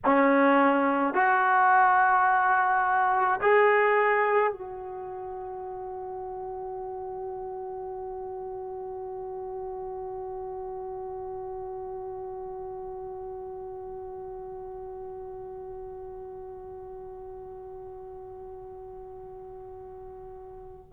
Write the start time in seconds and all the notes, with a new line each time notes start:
0.04 C#4
1.13 F#4
3.40 G#4
4.52 F#4